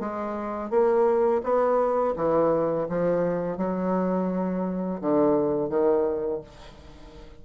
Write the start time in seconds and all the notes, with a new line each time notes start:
0.00 G#3
0.70 A#3
1.43 B3
2.16 E3
2.89 F3
3.57 F#3
5.01 D3
5.69 D#3